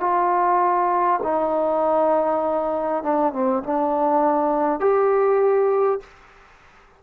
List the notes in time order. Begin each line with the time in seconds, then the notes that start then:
0.00 F4
1.23 D#4
3.03 D4
3.33 C4
3.64 D4
4.80 G4